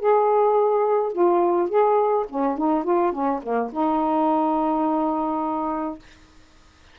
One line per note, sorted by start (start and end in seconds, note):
0.00 1.13 G#4
1.13 1.70 F4
1.70 2.26 G#4
2.30 2.58 C#4
2.58 2.85 D#4
2.85 3.13 F4
3.13 3.41 C#4
3.43 3.72 A#3
3.73 5.99 D#4